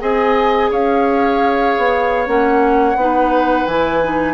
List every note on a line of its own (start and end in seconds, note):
0.00 0.71 C4
0.00 2.26 G#4
0.00 0.70 D#5
0.00 0.71 G#5
0.70 1.75 C#4
0.70 2.97 C#5
0.70 2.27 F5
1.77 2.27 B3
2.26 2.95 A#3
2.26 2.95 C#4
2.26 3.66 F#5
2.95 3.65 B3
2.95 3.69 D#4
2.95 4.34 B4
3.66 4.34 E3
3.66 4.03 E4
3.66 4.34 G#5
4.03 4.34 D#4